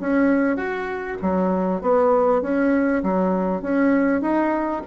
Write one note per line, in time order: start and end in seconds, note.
0.00 0.56 C#4
0.56 1.17 F#4
1.22 1.81 F#3
1.81 2.42 B3
2.42 3.02 C#4
3.03 3.62 F#3
3.62 4.21 C#4
4.21 4.82 D#4